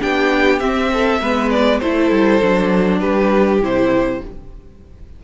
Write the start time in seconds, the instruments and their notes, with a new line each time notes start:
0.00 cello B3, viola D4, violin G4 G5
0.59 cello C4, viola C4, violin E5
0.93 violin A4
1.20 cello G#3, viola B3, violin B4
1.50 violin D5
1.79 cello A3, viola E4, violin A4 C5
2.11 cello G3
2.42 cello F#3, viola D4
2.99 cello G3, violin G4 B4
3.61 cello C3, viola E4, violin C5